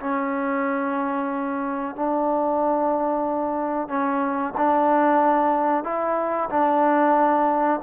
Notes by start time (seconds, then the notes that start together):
0.00 C#4
1.96 D4
3.89 C#4
4.57 D4
5.84 E4
6.50 D4